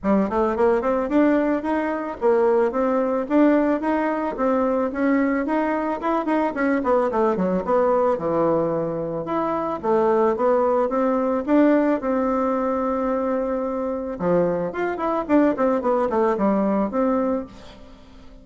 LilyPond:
\new Staff \with { instrumentName = "bassoon" } { \time 4/4 \tempo 4 = 110 g8 a8 ais8 c'8 d'4 dis'4 | ais4 c'4 d'4 dis'4 | c'4 cis'4 dis'4 e'8 dis'8 | cis'8 b8 a8 fis8 b4 e4~ |
e4 e'4 a4 b4 | c'4 d'4 c'2~ | c'2 f4 f'8 e'8 | d'8 c'8 b8 a8 g4 c'4 | }